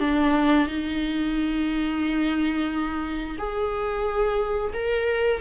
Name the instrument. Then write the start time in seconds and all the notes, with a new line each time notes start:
viola
0.00 D4
0.67 D#4
3.38 G#4
4.73 A#4